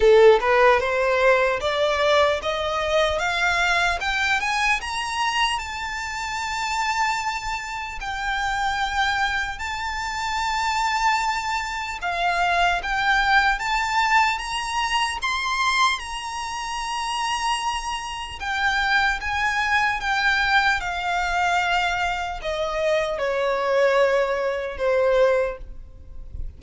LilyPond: \new Staff \with { instrumentName = "violin" } { \time 4/4 \tempo 4 = 75 a'8 b'8 c''4 d''4 dis''4 | f''4 g''8 gis''8 ais''4 a''4~ | a''2 g''2 | a''2. f''4 |
g''4 a''4 ais''4 c'''4 | ais''2. g''4 | gis''4 g''4 f''2 | dis''4 cis''2 c''4 | }